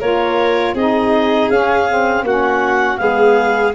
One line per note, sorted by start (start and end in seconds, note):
0.00 0.74 A#3
0.00 0.77 F4
0.00 0.75 A#4
0.00 0.76 C#5
0.74 1.49 C4
0.74 1.52 D#4
0.74 2.25 G#4
0.74 1.50 D#5
1.50 2.23 C#4
1.50 1.89 C#4
1.50 2.25 F5
1.89 2.26 C4
2.23 2.98 A#3
2.23 2.97 C#4
2.23 3.01 F#4
2.23 2.98 F#5
2.97 3.75 G#3
2.97 3.72 B3
2.97 3.75 G#4
2.97 3.73 F5